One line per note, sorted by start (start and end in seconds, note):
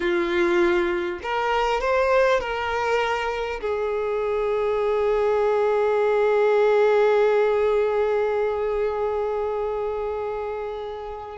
0.00 1.19 F4
1.22 1.80 A#4
1.80 2.40 C5
2.40 3.60 A#4
3.60 11.37 G#4